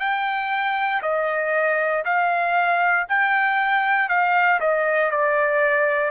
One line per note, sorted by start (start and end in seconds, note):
0.00 1.02 G5
1.03 2.04 D#5
2.05 3.07 F5
3.09 4.10 G5
4.10 4.60 F5
4.60 5.11 D#5
5.12 6.11 D5